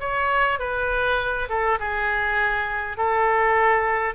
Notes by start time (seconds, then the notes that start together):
0.00 C#5
0.59 B4
1.49 A4
1.80 G#4
2.98 A4